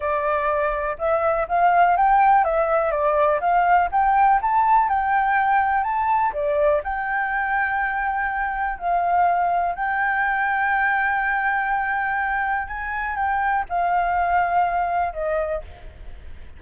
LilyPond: \new Staff \with { instrumentName = "flute" } { \time 4/4 \tempo 4 = 123 d''2 e''4 f''4 | g''4 e''4 d''4 f''4 | g''4 a''4 g''2 | a''4 d''4 g''2~ |
g''2 f''2 | g''1~ | g''2 gis''4 g''4 | f''2. dis''4 | }